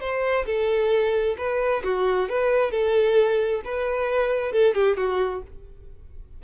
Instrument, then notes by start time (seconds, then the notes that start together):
violin
0.00 C5
0.46 A4
1.37 B4
1.84 F#4
2.28 B4
2.71 A4
3.64 B4
4.52 A4
4.74 G4
4.97 F#4